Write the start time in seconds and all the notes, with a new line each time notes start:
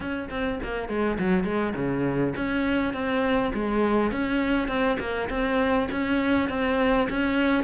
0.00 C#4
0.30 C4
0.63 A#3
0.88 G#3
1.18 F#3
1.44 G#3
1.75 C#3
2.36 C#4
2.93 C4
3.54 G#3
4.11 C#4
4.67 C4
4.99 A#3
5.29 C4
5.91 C#4
6.49 C4
7.09 C#4